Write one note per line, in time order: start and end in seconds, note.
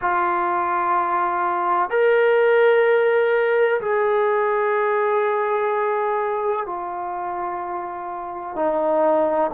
0.01 1.90 F4
1.90 3.80 A#4
3.81 6.66 G#4
6.66 8.55 F4
8.55 9.50 D#4